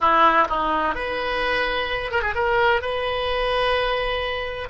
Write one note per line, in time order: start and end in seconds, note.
0.01 0.48 E4
0.48 0.94 D#4
0.94 2.11 B4
2.11 2.22 A#4
2.22 2.34 G#4
2.35 2.81 A#4
2.81 4.69 B4